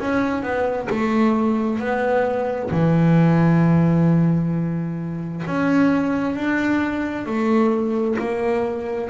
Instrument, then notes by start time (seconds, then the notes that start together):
double bass
0.00 C#4
0.43 B3
0.90 A3
1.79 B3
2.71 E3
5.47 C#4
6.36 D4
7.26 A3
8.19 A#3